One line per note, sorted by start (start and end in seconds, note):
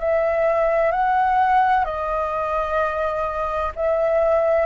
0.00 0.92 E5
0.92 1.85 F#5
1.85 3.72 D#5
3.76 4.66 E5